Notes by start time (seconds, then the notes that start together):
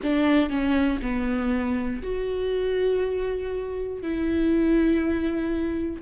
0.02 D4
0.50 C#4
1.01 B3
2.02 F#4
4.01 E4